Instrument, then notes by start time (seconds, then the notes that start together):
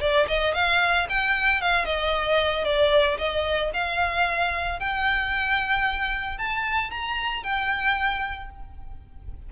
violin
0.00 D5
0.27 D#5
0.54 F5
1.09 G5
1.61 F5
1.85 D#5
2.64 D5
3.18 D#5
3.73 F5
4.79 G5
6.38 A5
6.90 A#5
7.43 G5